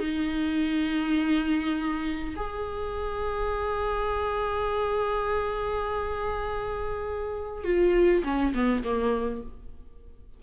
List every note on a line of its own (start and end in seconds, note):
0.00 2.35 D#4
2.37 7.65 G#4
7.65 8.24 F4
8.24 8.53 C#4
8.55 8.84 B3
8.84 9.43 A#3